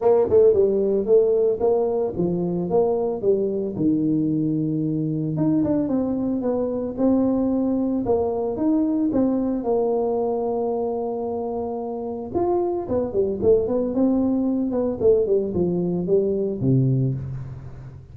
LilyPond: \new Staff \with { instrumentName = "tuba" } { \time 4/4 \tempo 4 = 112 ais8 a8 g4 a4 ais4 | f4 ais4 g4 dis4~ | dis2 dis'8 d'8 c'4 | b4 c'2 ais4 |
dis'4 c'4 ais2~ | ais2. f'4 | b8 g8 a8 b8 c'4. b8 | a8 g8 f4 g4 c4 | }